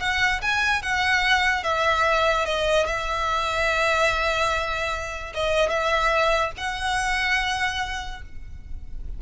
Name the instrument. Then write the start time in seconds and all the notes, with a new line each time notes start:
violin
0.00 F#5
0.42 G#5
0.82 F#5
1.63 E5
2.46 D#5
2.87 E5
5.34 D#5
5.70 E5
6.58 F#5